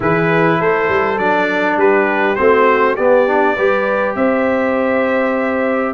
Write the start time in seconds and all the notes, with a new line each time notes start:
0.00 E3 E4 G#4 B4
0.59 A3 A4 C5
0.88 G3
1.17 F#3 D4 D5
1.76 G3 G4 B4
2.35 A3 C4 F#4 C5
2.95 B3 G4 D5
3.27 D4
3.56 G3 G4 B4
4.15 C4 C5 E5